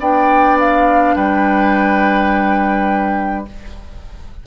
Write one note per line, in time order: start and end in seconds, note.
0.00 1.15 B3
0.00 3.46 D4
0.00 1.16 D5
0.00 0.59 G5
0.60 1.15 F5
1.15 3.47 G3
1.15 3.46 B4
1.15 3.46 G5